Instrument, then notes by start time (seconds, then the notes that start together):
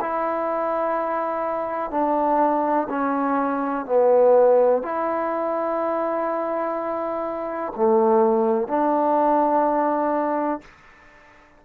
trombone
0.00 E4
1.90 D4
2.89 C#4
3.85 B3
4.82 E4
7.76 A3
8.67 D4